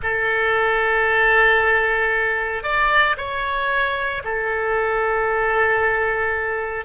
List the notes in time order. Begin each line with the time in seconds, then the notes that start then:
0.02 A4
2.63 D5
3.17 C#5
4.24 A4